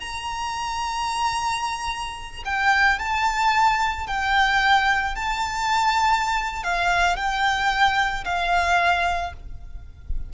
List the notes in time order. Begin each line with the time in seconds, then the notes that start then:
0.00 A#5
2.45 G5
2.99 A5
4.07 G5
5.16 A5
6.64 F5
7.16 G5
8.25 F5